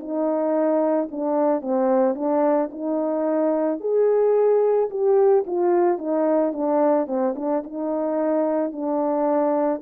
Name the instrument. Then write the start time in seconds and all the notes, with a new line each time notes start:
horn
0.00 D#4
1.11 D4
1.62 C4
2.15 D4
2.72 D#4
3.81 G#4
4.90 G4
5.47 F4
5.99 D#4
6.53 D4
7.08 C4
7.36 D4
7.64 D#4
8.73 D4